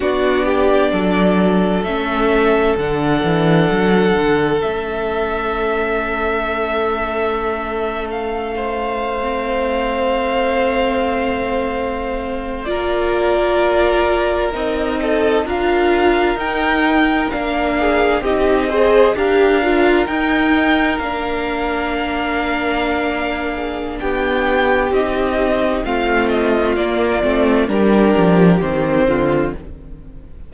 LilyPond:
<<
  \new Staff \with { instrumentName = "violin" } { \time 4/4 \tempo 4 = 65 d''2 e''4 fis''4~ | fis''4 e''2.~ | e''8. f''2.~ f''16~ | f''4.~ f''16 d''2 dis''16~ |
dis''8. f''4 g''4 f''4 dis''16~ | dis''8. f''4 g''4 f''4~ f''16~ | f''2 g''4 dis''4 | f''8 dis''8 d''4 ais'4 c''4 | }
  \new Staff \with { instrumentName = "violin" } { \time 4/4 fis'8 g'8 a'2.~ | a'1~ | a'4~ a'16 c''2~ c''8.~ | c''4.~ c''16 ais'2~ ais'16~ |
ais'16 a'8 ais'2~ ais'8 gis'8 g'16~ | g'16 c''8 ais'2.~ ais'16~ | ais'4. gis'8 g'2 | f'2 g'4. f'8 | }
  \new Staff \with { instrumentName = "viola" } { \time 4/4 d'2 cis'4 d'4~ | d'4 cis'2.~ | cis'2 c'2~ | c'4.~ c'16 f'2 dis'16~ |
dis'8. f'4 dis'4 d'4 dis'16~ | dis'16 gis'8 g'8 f'8 dis'4 d'4~ d'16~ | d'2. dis'4 | c'4 ais8 c'8 d'4 c'4 | }
  \new Staff \with { instrumentName = "cello" } { \time 4/4 b4 fis4 a4 d8 e8 | fis8 d8 a2.~ | a1~ | a4.~ a16 ais2 c'16~ |
c'8. d'4 dis'4 ais4 c'16~ | c'8. d'4 dis'4 ais4~ ais16~ | ais2 b4 c'4 | a4 ais8 a8 g8 f8 dis8 d8 | }
>>